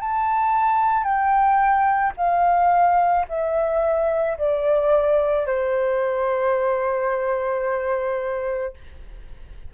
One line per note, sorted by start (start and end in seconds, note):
0.00 1.04 A5
1.04 2.13 G5
2.17 3.26 F5
3.28 4.37 E5
4.38 5.46 D5
5.46 8.74 C5